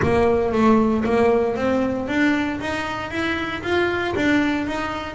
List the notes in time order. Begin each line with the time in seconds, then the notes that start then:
0.02 A#3
0.52 A3
1.04 A#3
1.56 C4
2.07 D4
2.60 D#4
3.10 E4
3.62 F4
4.16 D4
4.66 D#4